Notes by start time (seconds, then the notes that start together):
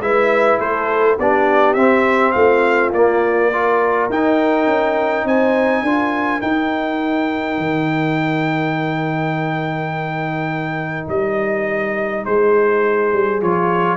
0.00 G#3 E4 B4 E5
0.60 A3 A4 C5
1.18 B3 D4 G4 D5
1.74 C4 E5
2.32 A3 F4 F5
2.92 A#3 D5
3.52 F4 A#4
4.10 D#4 G5
4.67 C#4
5.25 C4 C5 G#5
5.83 D4 F4 A#4
6.42 D#4 G5
7.58 D#3
11.09 G3 D#5
12.25 G#3 G#4 C5
13.13 G3
13.41 F3 F4 C#5